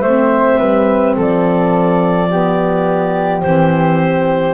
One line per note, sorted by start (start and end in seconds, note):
0.00 0.58 A3
0.00 2.29 C4
0.00 0.58 C5
0.00 1.13 E5
0.58 1.16 G3
0.58 1.14 B4
1.15 3.43 F3
1.15 2.29 A4
1.15 3.41 D5
2.29 3.43 B3
2.29 4.54 G4
3.41 4.54 E3
3.41 4.54 C4
3.41 4.54 C5